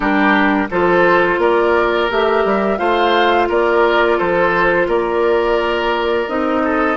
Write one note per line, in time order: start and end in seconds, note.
0.00 0.67 G3
0.00 0.68 D4
0.00 0.67 G4
0.00 0.69 A#4
0.70 1.38 F3
0.70 2.10 F4
0.70 1.40 A4
0.70 1.40 C5
1.38 2.08 A#3
1.38 2.78 A#4
1.38 2.10 D5
2.10 2.44 A3
2.10 2.77 G4
2.10 2.77 E5
2.44 2.79 G3
2.77 3.49 A3
2.77 6.26 F4
2.77 3.48 C5
2.77 3.47 F5
3.49 4.19 A#3
3.49 4.17 A#4
3.49 4.18 D5
4.17 4.87 F3
4.17 4.87 A4
4.17 4.88 C5
4.87 6.27 A#3
4.87 6.62 A#4
4.87 6.28 D5
6.27 6.96 C4
6.27 6.96 D#4
6.27 6.96 D#5
6.64 6.96 A4